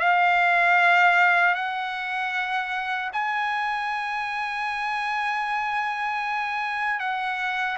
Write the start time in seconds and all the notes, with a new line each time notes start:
0.00 F5
1.55 F#5
3.13 G#5
7.00 F#5